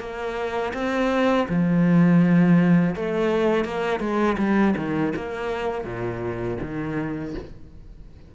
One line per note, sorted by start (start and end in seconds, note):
0.00 0.73 A#3
0.74 1.47 C4
1.49 2.95 F3
2.96 3.65 A3
3.65 4.00 A#3
4.00 4.37 G#3
4.38 4.75 G3
4.77 5.14 D#3
5.16 5.84 A#3
5.84 6.58 A#2
6.61 7.34 D#3